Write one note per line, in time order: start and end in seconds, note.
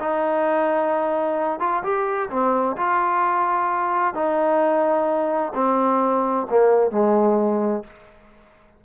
0.00 1.59 D#4
1.59 1.83 F4
1.83 2.29 G4
2.30 2.76 C4
2.77 4.14 F4
4.14 5.53 D#4
5.54 6.47 C4
6.50 6.91 A#3
6.91 7.83 G#3